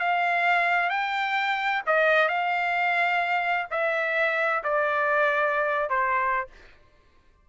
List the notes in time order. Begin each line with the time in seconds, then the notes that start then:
0.00 F5
0.90 G5
1.87 D#5
2.29 F5
3.71 E5
4.64 D5
5.90 C5